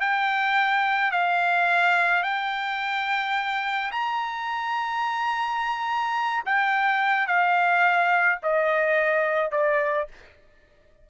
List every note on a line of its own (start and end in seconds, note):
0.00 1.12 G5
1.12 2.23 F5
2.23 3.91 G5
3.92 6.44 A#5
6.45 7.27 G5
7.27 8.39 F5
8.42 9.52 D#5
9.52 10.08 D5